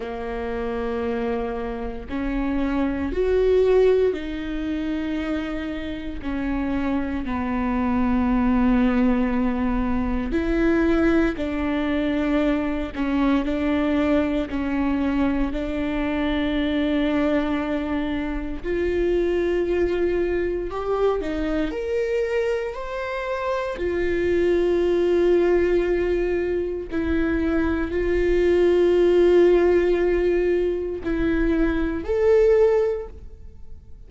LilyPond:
\new Staff \with { instrumentName = "viola" } { \time 4/4 \tempo 4 = 58 ais2 cis'4 fis'4 | dis'2 cis'4 b4~ | b2 e'4 d'4~ | d'8 cis'8 d'4 cis'4 d'4~ |
d'2 f'2 | g'8 dis'8 ais'4 c''4 f'4~ | f'2 e'4 f'4~ | f'2 e'4 a'4 | }